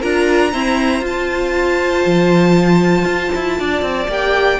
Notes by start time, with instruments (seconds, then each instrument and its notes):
0.00 cello D4, viola F4, violin A#4 A#5
0.52 viola C4, cello E4, violin C5
1.01 cello F4, viola F4, violin A5
2.06 cello F3
3.05 cello F4
3.35 cello E4
3.59 cello D4, violin D5
3.82 cello C4
4.08 cello A#3, viola G4, violin G5